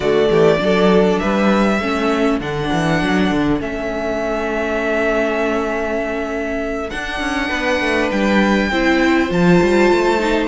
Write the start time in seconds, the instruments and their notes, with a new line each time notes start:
0.00 cello D3, viola A3, violin F#4 D5
0.29 cello E3, violin G4
0.57 cello F#3, viola D4, violin A4
1.18 cello G3, violin B4 E5
1.80 cello A3, viola C#4, violin A4
2.40 cello D3, viola D4, violin F#5
2.72 cello E3
3.02 cello F#3
3.30 cello D3
3.59 cello A3, viola C#4, violin E5
6.90 viola D4, cello D4, violin F#5
7.20 cello C#4
7.49 cello B3, violin B4
7.80 cello A3
8.11 cello G3, violin G5
8.70 cello C4, viola E4, violin C5
9.28 cello F3, viola F4, violin A5
9.62 cello G3
9.91 cello A3
10.18 viola D#4